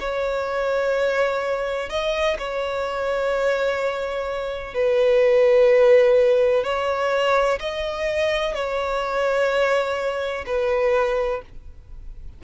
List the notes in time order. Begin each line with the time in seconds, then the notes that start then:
0.00 C#5
1.89 D#5
2.39 C#5
4.74 B4
6.64 C#5
7.60 D#5
8.55 C#5
10.46 B4